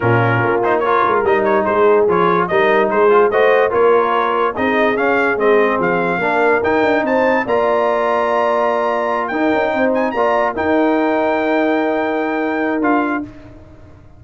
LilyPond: <<
  \new Staff \with { instrumentName = "trumpet" } { \time 4/4 \tempo 4 = 145 ais'4. c''8 cis''4 dis''8 cis''8 | c''4 cis''4 dis''4 c''4 | dis''4 cis''2 dis''4 | f''4 dis''4 f''2 |
g''4 a''4 ais''2~ | ais''2~ ais''8 g''4. | gis''8 ais''4 g''2~ g''8~ | g''2. f''4 | }
  \new Staff \with { instrumentName = "horn" } { \time 4/4 f'2 ais'2 | gis'2 ais'4 gis'4 | c''4 ais'2 gis'4~ | gis'2. ais'4~ |
ais'4 c''4 d''2~ | d''2~ d''8 ais'4 c''8~ | c''8 d''4 ais'2~ ais'8~ | ais'1 | }
  \new Staff \with { instrumentName = "trombone" } { \time 4/4 cis'4. dis'8 f'4 dis'4~ | dis'4 f'4 dis'4. f'8 | fis'4 f'2 dis'4 | cis'4 c'2 d'4 |
dis'2 f'2~ | f'2~ f'8 dis'4.~ | dis'8 f'4 dis'2~ dis'8~ | dis'2. f'4 | }
  \new Staff \with { instrumentName = "tuba" } { \time 4/4 ais,4 ais4. gis8 g4 | gis4 f4 g4 gis4 | a4 ais2 c'4 | cis'4 gis4 f4 ais4 |
dis'8 d'8 c'4 ais2~ | ais2~ ais8 dis'8 cis'8 c'8~ | c'8 ais4 dis'2~ dis'8~ | dis'2. d'4 | }
>>